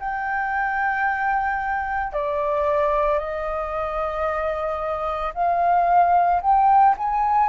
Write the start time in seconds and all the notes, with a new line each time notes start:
0.00 G5
2.13 D5
3.19 D#5
5.34 F5
6.42 G5
6.98 G#5